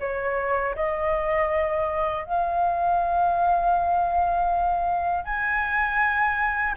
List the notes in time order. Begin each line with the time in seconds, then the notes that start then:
0.00 C#5
0.75 D#5
2.24 F5
5.25 G#5